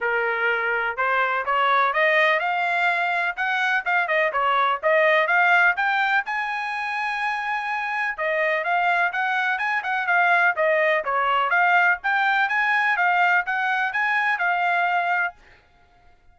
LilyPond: \new Staff \with { instrumentName = "trumpet" } { \time 4/4 \tempo 4 = 125 ais'2 c''4 cis''4 | dis''4 f''2 fis''4 | f''8 dis''8 cis''4 dis''4 f''4 | g''4 gis''2.~ |
gis''4 dis''4 f''4 fis''4 | gis''8 fis''8 f''4 dis''4 cis''4 | f''4 g''4 gis''4 f''4 | fis''4 gis''4 f''2 | }